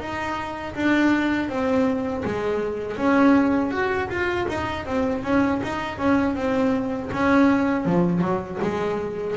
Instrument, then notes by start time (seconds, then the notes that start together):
double bass
0.00 D#4
0.75 D4
1.49 C4
2.25 G#3
2.98 C#4
3.71 F#4
4.10 F4
4.49 D#4
4.86 C4
5.24 C#4
5.64 D#4
5.99 C#4
6.36 C4
7.14 C#4
7.86 F3
8.22 F#3
8.62 G#3